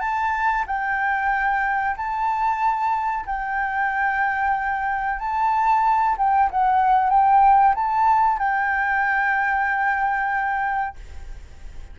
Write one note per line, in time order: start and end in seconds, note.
0.00 0.65 A5
0.67 1.96 G5
1.96 3.26 A5
3.26 5.19 G5
5.19 6.16 A5
6.18 6.50 G5
6.51 7.10 F#5
7.10 7.74 G5
7.75 8.38 A5
8.38 10.96 G5